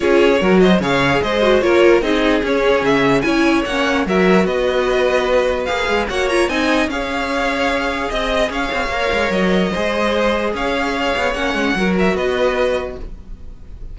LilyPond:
<<
  \new Staff \with { instrumentName = "violin" } { \time 4/4 \tempo 4 = 148 cis''4. dis''8 f''4 dis''4 | cis''4 dis''4 cis''4 e''4 | gis''4 fis''4 e''4 dis''4~ | dis''2 f''4 fis''8 ais''8 |
gis''4 f''2. | dis''4 f''2 dis''4~ | dis''2 f''2 | fis''4. e''8 dis''2 | }
  \new Staff \with { instrumentName = "violin" } { \time 4/4 gis'4 ais'8 c''8 cis''4 c''4 | ais'4 gis'2. | cis''2 ais'4 b'4~ | b'2. cis''4 |
dis''4 cis''2. | dis''4 cis''2. | c''2 cis''2~ | cis''4 ais'4 b'2 | }
  \new Staff \with { instrumentName = "viola" } { \time 4/4 f'4 fis'4 gis'4. fis'8 | f'4 dis'4 cis'2 | e'4 cis'4 fis'2~ | fis'2 gis'4 fis'8 f'8 |
dis'4 gis'2.~ | gis'2 ais'2 | gis'1 | cis'4 fis'2. | }
  \new Staff \with { instrumentName = "cello" } { \time 4/4 cis'4 fis4 cis4 gis4 | ais4 c'4 cis'4 cis4 | cis'4 ais4 fis4 b4~ | b2 ais8 gis8 ais4 |
c'4 cis'2. | c'4 cis'8 c'8 ais8 gis8 fis4 | gis2 cis'4. b8 | ais8 gis8 fis4 b2 | }
>>